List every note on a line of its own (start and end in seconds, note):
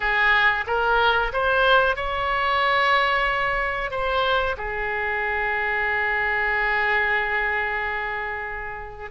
0.00 0.65 G#4
0.67 1.32 A#4
1.32 1.96 C5
1.96 3.90 C#5
3.90 4.56 C5
4.57 9.10 G#4